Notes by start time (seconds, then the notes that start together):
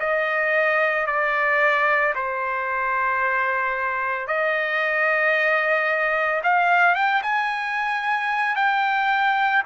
0.00 D#5
1.07 D5
2.16 C5
4.28 D#5
6.44 F5
6.95 G5
7.23 G#5
8.56 G5